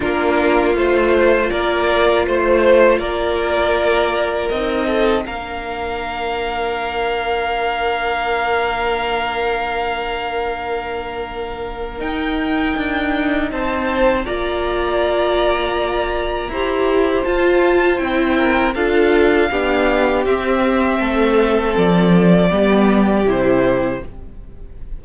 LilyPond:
<<
  \new Staff \with { instrumentName = "violin" } { \time 4/4 \tempo 4 = 80 ais'4 c''4 d''4 c''4 | d''2 dis''4 f''4~ | f''1~ | f''1 |
g''2 a''4 ais''4~ | ais''2. a''4 | g''4 f''2 e''4~ | e''4 d''2 c''4 | }
  \new Staff \with { instrumentName = "violin" } { \time 4/4 f'2 ais'4 c''4 | ais'2~ ais'8 a'8 ais'4~ | ais'1~ | ais'1~ |
ais'2 c''4 d''4~ | d''2 c''2~ | c''8 ais'8 a'4 g'2 | a'2 g'2 | }
  \new Staff \with { instrumentName = "viola" } { \time 4/4 d'4 f'2.~ | f'2 dis'4 d'4~ | d'1~ | d'1 |
dis'2. f'4~ | f'2 g'4 f'4 | e'4 f'4 d'4 c'4~ | c'2 b4 e'4 | }
  \new Staff \with { instrumentName = "cello" } { \time 4/4 ais4 a4 ais4 a4 | ais2 c'4 ais4~ | ais1~ | ais1 |
dis'4 d'4 c'4 ais4~ | ais2 e'4 f'4 | c'4 d'4 b4 c'4 | a4 f4 g4 c4 | }
>>